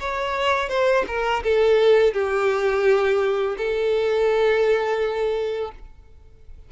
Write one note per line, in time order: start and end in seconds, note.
0.00 0.69 C#5
0.69 1.05 C5
1.08 1.44 A#4
1.44 2.14 A4
2.14 3.56 G4
3.58 5.72 A4